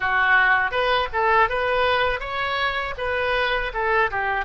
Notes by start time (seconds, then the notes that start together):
0.00 F#4
0.71 B4
1.12 A4
1.48 B4
2.20 C#5
2.97 B4
3.73 A4
4.10 G4